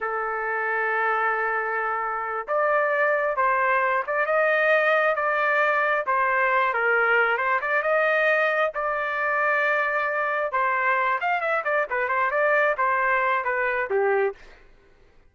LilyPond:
\new Staff \with { instrumentName = "trumpet" } { \time 4/4 \tempo 4 = 134 a'1~ | a'4. d''2 c''8~ | c''4 d''8 dis''2 d''8~ | d''4. c''4. ais'4~ |
ais'8 c''8 d''8 dis''2 d''8~ | d''2.~ d''8 c''8~ | c''4 f''8 e''8 d''8 b'8 c''8 d''8~ | d''8 c''4. b'4 g'4 | }